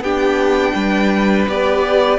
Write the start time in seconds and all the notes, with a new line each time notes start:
0.00 B3 D4 G4 G5
0.75 G3 B4
1.48 B3 G4 D5